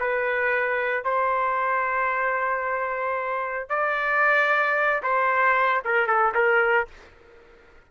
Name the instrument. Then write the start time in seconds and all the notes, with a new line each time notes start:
trumpet
0.00 B4
1.05 C5
3.70 D5
5.03 C5
5.85 A#4
6.08 A4
6.35 A#4